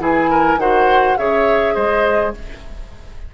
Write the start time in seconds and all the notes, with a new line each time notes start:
0.00 E3 E4 G#4 G#5
0.31 A#4
0.57 D#3 F#4 C5 F#5
1.18 C#3 G#4 C#5 E5
1.75 G#3 C5 D#5